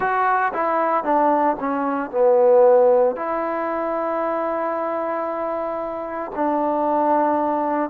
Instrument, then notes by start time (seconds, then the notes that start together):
trombone
0.00 F#4
0.53 E4
1.03 D4
1.59 C#4
2.11 B3
3.16 E4
6.35 D4